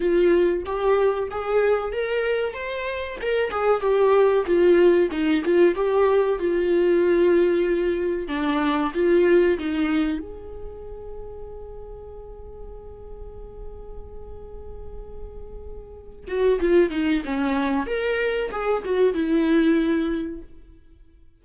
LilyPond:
\new Staff \with { instrumentName = "viola" } { \time 4/4 \tempo 4 = 94 f'4 g'4 gis'4 ais'4 | c''4 ais'8 gis'8 g'4 f'4 | dis'8 f'8 g'4 f'2~ | f'4 d'4 f'4 dis'4 |
gis'1~ | gis'1~ | gis'4. fis'8 f'8 dis'8 cis'4 | ais'4 gis'8 fis'8 e'2 | }